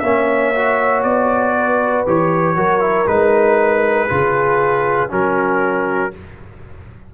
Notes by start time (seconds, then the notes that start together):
0.00 A#3 C#4 C#5 E5
0.56 F#4
1.03 B3 D5
1.58 B4
2.07 E3 G4 C#5
2.57 F#3 F#4 A#4
2.81 E4
3.07 G#3 D#4 B4
4.09 C#3 F4 G#4
5.10 F#3 C#4 F#4 A#4